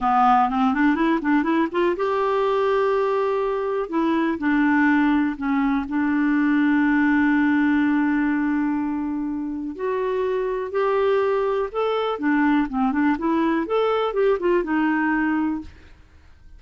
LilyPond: \new Staff \with { instrumentName = "clarinet" } { \time 4/4 \tempo 4 = 123 b4 c'8 d'8 e'8 d'8 e'8 f'8 | g'1 | e'4 d'2 cis'4 | d'1~ |
d'1 | fis'2 g'2 | a'4 d'4 c'8 d'8 e'4 | a'4 g'8 f'8 dis'2 | }